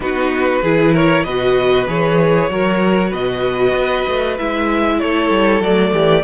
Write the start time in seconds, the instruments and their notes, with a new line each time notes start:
0.00 cello B3, viola D#4, violin F#4 B4
0.62 cello E3, viola E4, violin G#4
0.92 violin A#4 C#5
1.24 cello B2, viola F#4, violin B4 D#5
1.87 cello E3, viola G#4, violin C#5
2.49 cello F#3, viola F#4, violin A#4
3.09 cello B2, violin B4 D#5
3.73 cello B3
4.08 cello A3
4.38 cello G#3, viola E4, violin E5
4.99 cello A3, violin A4 C#5
5.30 cello G3
5.60 cello F#3, viola A3, violin D5
5.92 cello E3, violin G4